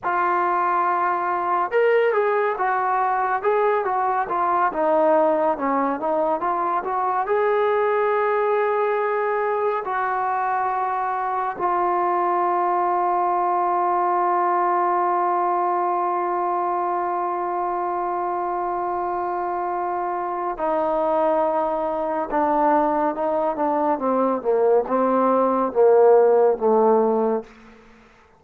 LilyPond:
\new Staff \with { instrumentName = "trombone" } { \time 4/4 \tempo 4 = 70 f'2 ais'8 gis'8 fis'4 | gis'8 fis'8 f'8 dis'4 cis'8 dis'8 f'8 | fis'8 gis'2. fis'8~ | fis'4. f'2~ f'8~ |
f'1~ | f'1 | dis'2 d'4 dis'8 d'8 | c'8 ais8 c'4 ais4 a4 | }